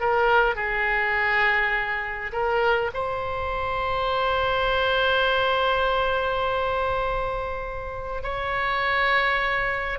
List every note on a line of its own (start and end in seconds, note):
0.00 0.55 A#4
0.55 2.32 G#4
2.32 2.91 A#4
2.93 8.23 C5
8.23 9.99 C#5